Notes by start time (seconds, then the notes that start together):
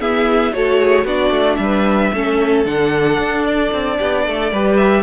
0.00 B3 E4 G#4 E5
0.53 A3 F#4 A4 C#5
0.81 G#4
1.04 B3 D4 F#4 D5
1.30 A3
1.55 G3 E5
1.62 B4
2.13 A3 C#4 A4
2.65 D3 D4 F#5
3.18 D4
3.45 D5
3.72 C4
3.97 B3 G4
4.27 A3 A4
4.52 G3 G4 B4
4.76 E5